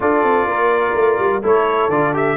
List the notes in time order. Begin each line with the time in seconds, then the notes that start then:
0.00 D4 F4 A4 D5
0.23 C4
0.46 A#3 A#4
0.94 A3
1.18 G3
1.42 A3 E4 A4 C#5
1.89 D3 F4 D5
2.13 G4 E5